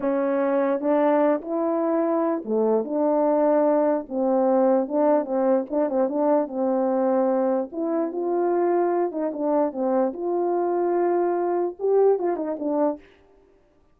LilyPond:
\new Staff \with { instrumentName = "horn" } { \time 4/4 \tempo 4 = 148 cis'2 d'4. e'8~ | e'2 a4 d'4~ | d'2 c'2 | d'4 c'4 d'8 c'8 d'4 |
c'2. e'4 | f'2~ f'8 dis'8 d'4 | c'4 f'2.~ | f'4 g'4 f'8 dis'8 d'4 | }